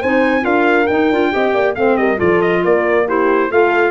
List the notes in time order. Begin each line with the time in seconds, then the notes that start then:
0.00 C4 D#4 C5 G#5
0.41 D4 F4 A#4 F5
0.87 D#4 G5
1.11 D4 F4
1.32 C4 G4 D#5
1.54 A#3 D5
1.75 A3 C4 C5 F5
1.97 G3 A#4 D#5
2.17 F3 F4 A4 D5
2.42 D#5
2.64 A#3 A#4 D5
3.07 E4 G4 C5
3.50 A3 F4 A4 F5